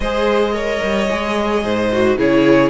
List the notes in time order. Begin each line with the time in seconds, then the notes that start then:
0.00 G#3 G#4 C5 D#5
0.52 A#4 C#5
0.82 G3
1.09 G#3 G#4
1.63 G#2 C5
1.92 F#4
2.17 C#3 E4 G#4 C#5